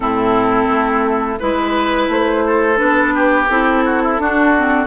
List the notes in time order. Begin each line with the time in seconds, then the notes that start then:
0.00 A2 C4 E4 A4
0.68 A3
1.39 G#3 E4 B4
2.08 A3 C5
2.46 A4
2.76 B3 D4 B4
3.14 G4
3.48 C4 E4 A4
3.85 F#4
4.03 E4
4.18 D4 F#4
4.57 C4